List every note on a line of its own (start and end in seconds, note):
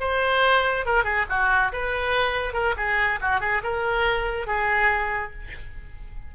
0.00 0.85 C5
0.85 1.04 A#4
1.04 1.25 G#4
1.29 1.72 F#4
1.72 2.53 B4
2.53 2.75 A#4
2.77 3.19 G#4
3.21 3.41 F#4
3.41 3.62 G#4
3.63 4.47 A#4
4.47 5.33 G#4